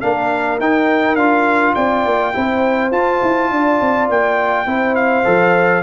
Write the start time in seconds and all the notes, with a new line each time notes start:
0.00 A#3 D4 A#4 F5
0.59 D#4 G5
1.15 D4 F4 F5
1.75 C4 D5 G5
2.05 A#3
2.33 C4 E4 C5
2.91 F4 A5
3.22 E4
3.50 D4 D5
3.81 C4
4.09 A#3 G5
4.66 C4 E4 C5
4.95 F5
5.24 F3 A4